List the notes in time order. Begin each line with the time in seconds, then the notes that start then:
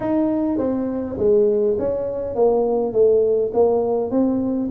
0.00 D#4
0.58 C4
1.17 G#3
1.78 C#4
2.35 A#3
2.93 A3
3.53 A#3
4.10 C4